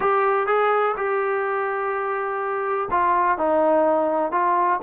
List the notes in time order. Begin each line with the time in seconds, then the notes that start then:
0.00 G4
0.47 G#4
0.96 G4
2.90 F4
3.38 D#4
4.31 F4